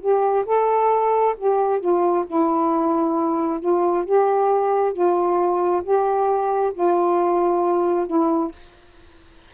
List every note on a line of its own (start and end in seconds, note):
0.00 0.45 G4
0.46 1.36 A4
1.38 1.80 G4
1.80 2.25 F4
2.27 3.60 E4
3.60 4.05 F4
4.05 4.93 G4
4.93 5.82 F4
5.83 6.73 G4
6.74 8.07 F4
8.07 8.52 E4